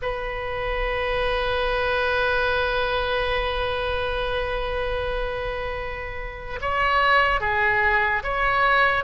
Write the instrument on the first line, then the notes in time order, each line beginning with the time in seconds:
oboe
0.02 B4
6.61 C#5
7.40 G#4
8.23 C#5